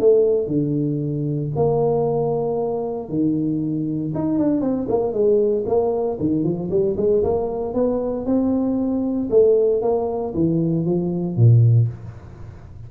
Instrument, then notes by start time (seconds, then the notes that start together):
tuba
0.00 A3
0.48 D3
1.56 A#3
3.09 D#3
4.14 D#4
4.39 D4
4.61 C4
4.89 A#3
5.13 G#3
5.66 A#3
6.20 D#3
6.44 F3
6.71 G3
6.97 G#3
7.23 A#3
7.74 B3
8.26 C4
9.30 A3
9.82 A#3
10.34 E3
10.86 F3
11.36 A#2